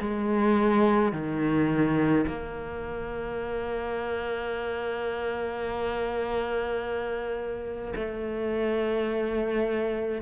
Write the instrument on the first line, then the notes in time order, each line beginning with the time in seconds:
cello
0.00 G#3
1.12 D#3
2.27 A#3
7.96 A3